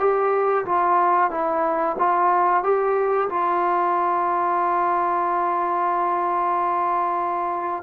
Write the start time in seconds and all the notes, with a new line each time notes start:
0.00 G4
0.66 F4
1.31 E4
1.99 F4
2.64 G4
3.30 F4